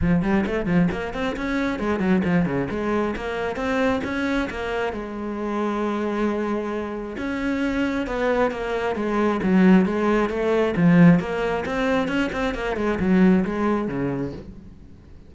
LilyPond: \new Staff \with { instrumentName = "cello" } { \time 4/4 \tempo 4 = 134 f8 g8 a8 f8 ais8 c'8 cis'4 | gis8 fis8 f8 cis8 gis4 ais4 | c'4 cis'4 ais4 gis4~ | gis1 |
cis'2 b4 ais4 | gis4 fis4 gis4 a4 | f4 ais4 c'4 cis'8 c'8 | ais8 gis8 fis4 gis4 cis4 | }